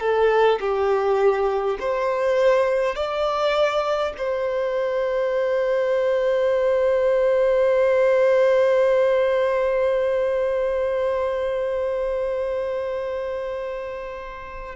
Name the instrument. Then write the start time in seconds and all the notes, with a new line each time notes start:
violin
0.00 A4
0.60 G4
1.80 C5
2.95 D5
4.18 C5